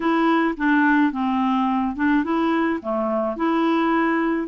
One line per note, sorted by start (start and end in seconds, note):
0.00 0.55 E4
0.57 1.11 D4
1.11 1.95 C4
1.96 2.24 D4
2.24 2.80 E4
2.82 3.36 A3
3.36 4.48 E4